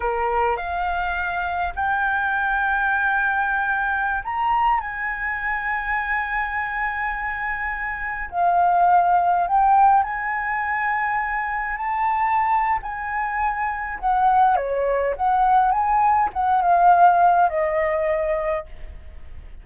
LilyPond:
\new Staff \with { instrumentName = "flute" } { \time 4/4 \tempo 4 = 103 ais'4 f''2 g''4~ | g''2.~ g''16 ais''8.~ | ais''16 gis''2.~ gis''8.~ | gis''2~ gis''16 f''4.~ f''16~ |
f''16 g''4 gis''2~ gis''8.~ | gis''16 a''4.~ a''16 gis''2 | fis''4 cis''4 fis''4 gis''4 | fis''8 f''4. dis''2 | }